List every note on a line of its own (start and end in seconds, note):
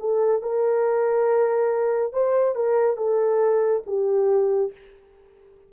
0.00 0.42 A4
0.42 2.13 A#4
2.13 2.56 C5
2.56 2.97 A#4
2.97 3.83 A4
3.86 4.72 G4